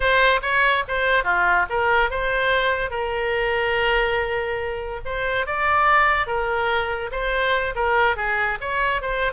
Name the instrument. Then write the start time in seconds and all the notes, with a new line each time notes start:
oboe
0.00 C5
0.42 C#5
0.88 C5
1.24 F4
1.69 A#4
2.10 C5
2.90 A#4
5.05 C5
5.46 D5
6.26 A#4
7.11 C5
7.75 A#4
8.16 G#4
8.61 C#5
9.01 C5